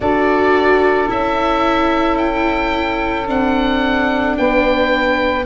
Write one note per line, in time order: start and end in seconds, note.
0.00 1.09 D4
0.00 1.07 F#4
0.00 4.37 A4
0.00 1.10 D5
1.07 3.27 C#4
1.07 3.25 E4
1.07 2.17 E5
2.17 3.26 G5
3.25 4.36 C4
3.25 5.44 D4
3.25 4.37 F#5
4.37 5.45 B3
4.37 5.45 B4
4.37 5.45 G5